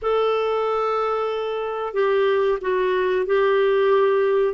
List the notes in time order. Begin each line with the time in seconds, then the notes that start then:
0.02 A4
1.93 G4
2.61 F#4
3.25 G4